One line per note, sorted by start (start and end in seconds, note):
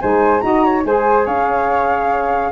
0.00 0.42 G#3
0.00 0.40 D#4
0.00 0.43 C5
0.00 0.40 G#5
0.40 0.84 D#4
0.40 0.82 F#4
0.40 0.64 D#5
0.40 0.82 A#5
0.64 0.85 C#5
0.84 1.26 G#3
0.84 2.52 G#4
0.84 1.25 C5
0.84 1.26 G#5
1.25 2.52 C#4
1.25 2.51 C#5
1.25 2.52 F5